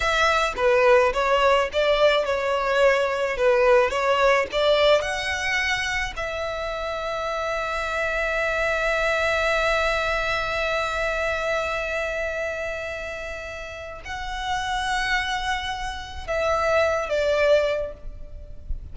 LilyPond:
\new Staff \with { instrumentName = "violin" } { \time 4/4 \tempo 4 = 107 e''4 b'4 cis''4 d''4 | cis''2 b'4 cis''4 | d''4 fis''2 e''4~ | e''1~ |
e''1~ | e''1~ | e''4 fis''2.~ | fis''4 e''4. d''4. | }